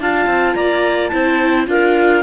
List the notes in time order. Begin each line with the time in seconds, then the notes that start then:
0.00 D4 F4 F5 A5
0.27 C4
0.55 A#3 D5 A#5
1.08 E4 C5 A5
1.14 C4
1.67 D4 F4 A#4 F5